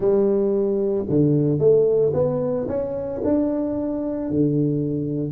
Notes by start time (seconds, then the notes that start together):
0.00 G3
1.09 D3
1.59 A3
2.13 B3
2.67 C#4
3.23 D4
4.30 D3